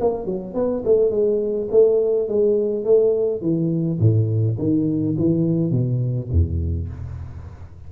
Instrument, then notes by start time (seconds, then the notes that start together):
tuba
0.00 A#3
0.25 F#3
0.54 B3
0.85 A3
1.10 G#3
1.71 A3
2.28 G#3
2.84 A3
3.41 E3
3.99 A2
4.58 D#3
5.18 E3
5.71 B2
6.31 E2